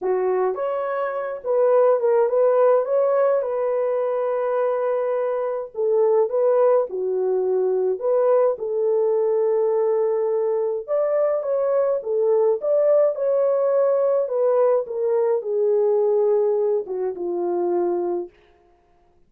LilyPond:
\new Staff \with { instrumentName = "horn" } { \time 4/4 \tempo 4 = 105 fis'4 cis''4. b'4 ais'8 | b'4 cis''4 b'2~ | b'2 a'4 b'4 | fis'2 b'4 a'4~ |
a'2. d''4 | cis''4 a'4 d''4 cis''4~ | cis''4 b'4 ais'4 gis'4~ | gis'4. fis'8 f'2 | }